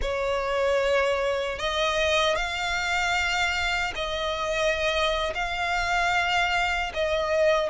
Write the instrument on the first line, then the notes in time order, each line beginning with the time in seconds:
violin
0.01 C#5
1.59 D#5
2.35 F5
3.95 D#5
5.34 F5
6.94 D#5